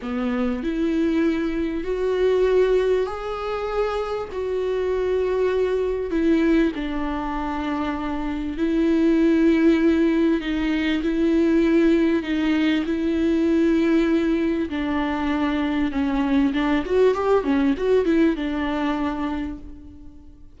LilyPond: \new Staff \with { instrumentName = "viola" } { \time 4/4 \tempo 4 = 98 b4 e'2 fis'4~ | fis'4 gis'2 fis'4~ | fis'2 e'4 d'4~ | d'2 e'2~ |
e'4 dis'4 e'2 | dis'4 e'2. | d'2 cis'4 d'8 fis'8 | g'8 cis'8 fis'8 e'8 d'2 | }